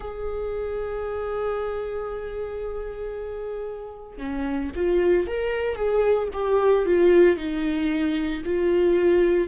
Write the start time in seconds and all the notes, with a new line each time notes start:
0.00 G#4
4.18 C#4
4.75 F4
5.27 A#4
5.75 G#4
6.33 G4
6.85 F4
7.36 D#4
8.45 F4